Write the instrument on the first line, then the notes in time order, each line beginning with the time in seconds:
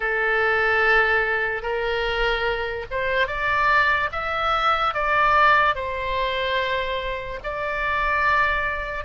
oboe
0.00 A4
1.62 A#4
2.90 C5
3.27 D5
4.11 E5
4.94 D5
5.75 C5
7.43 D5